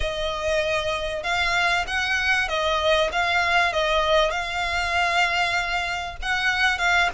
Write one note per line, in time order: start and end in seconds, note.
0.00 1.23 D#5
1.23 1.85 F5
1.87 2.48 F#5
2.48 3.10 D#5
3.12 3.73 F5
3.73 4.30 D#5
4.30 6.16 F5
6.22 6.78 F#5
6.78 7.09 F5